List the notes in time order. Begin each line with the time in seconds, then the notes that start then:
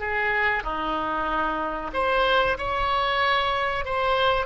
0.00 G#4
0.64 D#4
1.94 C5
2.58 C#5
3.85 C5